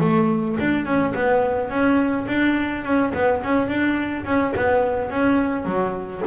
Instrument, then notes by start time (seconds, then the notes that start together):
double bass
0.00 A3
0.60 D4
0.85 C#4
1.14 B3
1.69 C#4
2.27 D4
2.84 C#4
3.14 B3
3.43 C#4
3.68 D4
4.25 C#4
4.56 B3
5.10 C#4
5.65 F#3